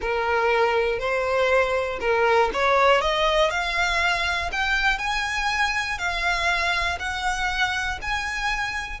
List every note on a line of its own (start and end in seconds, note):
0.01 0.99 A#4
0.99 1.99 C5
2.00 2.50 A#4
2.52 3.01 C#5
3.01 3.50 D#5
3.50 4.50 F5
4.52 4.98 G5
4.98 5.98 G#5
5.98 6.98 F5
6.99 7.99 F#5
8.01 9.00 G#5